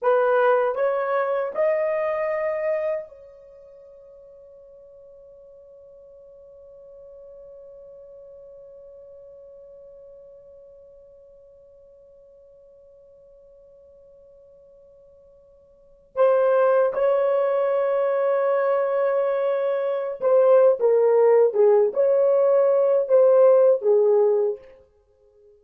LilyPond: \new Staff \with { instrumentName = "horn" } { \time 4/4 \tempo 4 = 78 b'4 cis''4 dis''2 | cis''1~ | cis''1~ | cis''1~ |
cis''1~ | cis''4 c''4 cis''2~ | cis''2~ cis''16 c''8. ais'4 | gis'8 cis''4. c''4 gis'4 | }